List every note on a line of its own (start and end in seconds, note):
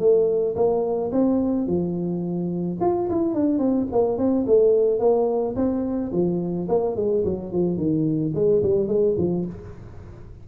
0.00 0.56 A3
0.56 1.11 A#3
1.12 1.67 C4
1.67 2.79 F3
2.81 3.09 F4
3.10 3.35 E4
3.35 3.59 D4
3.59 3.87 C4
3.92 4.18 A#3
4.18 4.46 C4
4.47 5.00 A3
5.00 5.56 A#3
5.56 6.12 C4
6.13 6.68 F3
6.69 6.96 A#3
6.96 7.24 G#3
7.25 7.53 F#3
7.53 7.78 F3
7.78 8.33 D#3
8.35 8.63 G#3
8.63 8.88 G3
8.88 9.16 G#3
9.18 9.46 F3